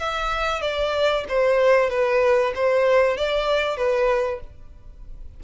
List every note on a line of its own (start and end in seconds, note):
0.00 0.62 E5
0.62 1.25 D5
1.29 1.90 C5
1.90 2.53 B4
2.55 3.18 C5
3.18 3.78 D5
3.78 4.41 B4